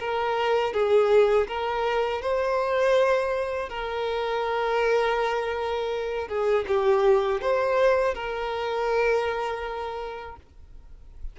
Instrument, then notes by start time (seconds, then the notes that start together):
violin
0.00 A#4
0.73 G#4
1.48 A#4
2.22 C5
3.69 A#4
6.28 G#4
6.68 G4
7.42 C5
8.14 A#4